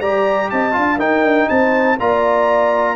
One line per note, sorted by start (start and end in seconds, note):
0.00 0.50 G3
0.00 0.72 G4
0.00 0.50 D5
0.00 0.49 A#5
0.49 0.76 C4
0.49 0.77 D#5
0.49 0.99 A5
0.72 0.99 D4
0.72 0.96 F4
0.79 0.99 F5
0.99 1.22 D#4
0.99 1.97 D#4
0.99 1.48 A#4
0.99 1.48 G5
1.22 1.47 D4
1.48 1.99 C4
1.48 1.99 C5
1.48 1.98 A5
1.99 2.95 A#3
1.99 2.95 F4
1.99 2.95 D5
1.99 2.95 A#5